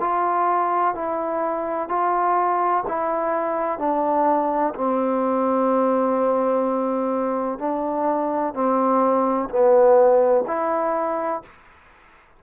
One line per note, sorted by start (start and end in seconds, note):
0.00 0.95 F4
0.95 1.89 E4
1.89 2.84 F4
2.88 3.79 E4
3.79 4.74 D4
4.74 7.59 C4
7.59 8.54 D4
8.54 9.49 C4
9.50 10.45 B3
10.47 11.42 E4